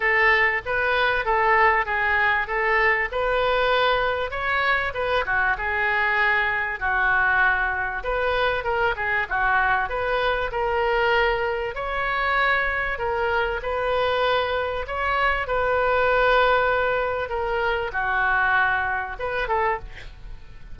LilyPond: \new Staff \with { instrumentName = "oboe" } { \time 4/4 \tempo 4 = 97 a'4 b'4 a'4 gis'4 | a'4 b'2 cis''4 | b'8 fis'8 gis'2 fis'4~ | fis'4 b'4 ais'8 gis'8 fis'4 |
b'4 ais'2 cis''4~ | cis''4 ais'4 b'2 | cis''4 b'2. | ais'4 fis'2 b'8 a'8 | }